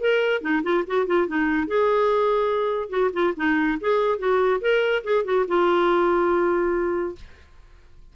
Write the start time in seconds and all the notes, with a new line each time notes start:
0.00 A#4
0.41 D#4
0.63 F4
0.87 F#4
1.06 F4
1.27 D#4
1.67 G#4
2.89 F#4
3.13 F4
3.37 D#4
3.80 G#4
4.18 F#4
4.61 A#4
5.04 G#4
5.24 F#4
5.47 F4